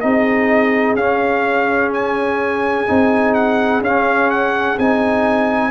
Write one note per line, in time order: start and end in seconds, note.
0.00 0.95 C4
0.00 0.97 D#4
0.00 5.71 G#4
0.00 0.95 D#5
0.95 2.85 C#4
0.95 2.87 C#4
0.95 1.91 F5
1.93 3.34 G#5
2.87 3.80 C4
2.87 3.82 D#4
3.34 3.81 F#5
3.80 4.76 C#4
3.80 4.78 C#4
3.80 4.30 F5
4.30 4.77 F#5
4.78 5.71 C4
4.78 5.71 D#4
4.78 5.71 G#5